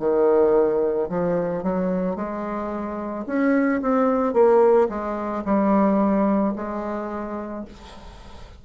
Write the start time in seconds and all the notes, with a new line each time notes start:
0.00 D#3
1.09 F3
1.63 F#3
2.16 G#3
3.27 C#4
3.82 C4
4.33 A#3
4.89 G#3
5.45 G3
6.56 G#3